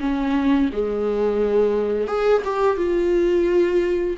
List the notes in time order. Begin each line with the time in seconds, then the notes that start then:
0.00 C#4
0.73 G#3
2.07 G#4
2.45 G4
2.77 F4